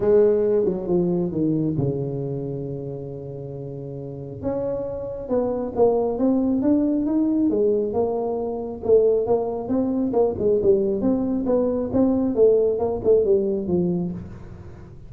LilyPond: \new Staff \with { instrumentName = "tuba" } { \time 4/4 \tempo 4 = 136 gis4. fis8 f4 dis4 | cis1~ | cis2 cis'2 | b4 ais4 c'4 d'4 |
dis'4 gis4 ais2 | a4 ais4 c'4 ais8 gis8 | g4 c'4 b4 c'4 | a4 ais8 a8 g4 f4 | }